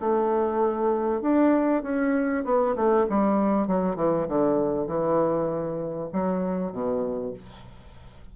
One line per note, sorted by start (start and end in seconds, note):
0.00 1.22 A3
1.22 1.83 D4
1.83 2.44 C#4
2.45 2.76 B3
2.76 3.06 A3
3.09 3.67 G3
3.67 3.96 F#3
3.96 4.27 E3
4.29 4.87 D3
4.87 6.10 E3
6.13 6.72 F#3
6.72 7.34 B2